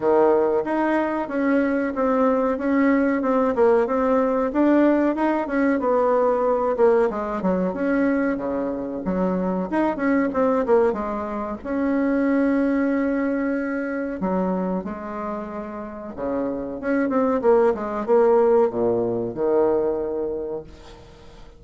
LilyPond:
\new Staff \with { instrumentName = "bassoon" } { \time 4/4 \tempo 4 = 93 dis4 dis'4 cis'4 c'4 | cis'4 c'8 ais8 c'4 d'4 | dis'8 cis'8 b4. ais8 gis8 fis8 | cis'4 cis4 fis4 dis'8 cis'8 |
c'8 ais8 gis4 cis'2~ | cis'2 fis4 gis4~ | gis4 cis4 cis'8 c'8 ais8 gis8 | ais4 ais,4 dis2 | }